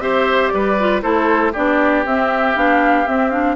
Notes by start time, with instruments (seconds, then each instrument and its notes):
0.00 bassoon C4, clarinet G4, oboe C5, flute E5
0.49 bassoon G3, oboe B4, flute D5
0.80 clarinet F4
1.02 bassoon A3, clarinet E4, oboe A4, flute C5
1.52 bassoon B3, clarinet D4, oboe G4, flute D5
2.05 bassoon C4, clarinet C4, flute E5
2.56 bassoon B3, clarinet D4, flute F5
3.07 clarinet C4, bassoon C4, flute E5
3.30 clarinet D4, flute F5